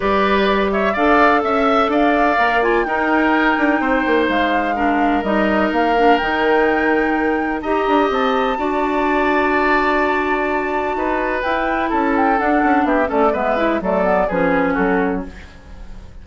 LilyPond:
<<
  \new Staff \with { instrumentName = "flute" } { \time 4/4 \tempo 4 = 126 d''4. e''8 f''4 e''4 | f''4. gis''8 g''2~ | g''4 f''2 dis''4 | f''4 g''2. |
ais''4 a''2.~ | a''1 | g''4 a''8 g''8 fis''4 e''8 d''8 | e''4 d''4 b'4 a'4 | }
  \new Staff \with { instrumentName = "oboe" } { \time 4/4 b'4. cis''8 d''4 e''4 | d''2 ais'2 | c''2 ais'2~ | ais'1 |
dis''2 d''2~ | d''2. b'4~ | b'4 a'2 g'8 a'8 | b'4 a'4 gis'4 fis'4 | }
  \new Staff \with { instrumentName = "clarinet" } { \time 4/4 g'2 a'2~ | a'4 ais'8 f'8 dis'2~ | dis'2 d'4 dis'4~ | dis'8 d'8 dis'2. |
g'2 fis'2~ | fis'1 | e'2 d'4. cis'8 | b8 e'8 a8 b8 cis'2 | }
  \new Staff \with { instrumentName = "bassoon" } { \time 4/4 g2 d'4 cis'4 | d'4 ais4 dis'4. d'8 | c'8 ais8 gis2 g4 | ais4 dis2. |
dis'8 d'8 c'4 d'2~ | d'2. dis'4 | e'4 cis'4 d'8 cis'8 b8 a8 | gis4 fis4 f4 fis4 | }
>>